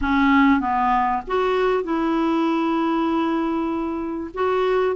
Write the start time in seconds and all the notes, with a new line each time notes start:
0.01 C#4
0.60 B3
1.27 F#4
1.83 E4
4.34 F#4